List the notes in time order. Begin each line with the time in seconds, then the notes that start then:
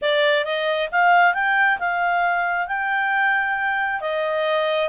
0.01 D5
0.44 D#5
0.91 F5
1.34 G5
1.79 F5
2.67 G5
4.01 D#5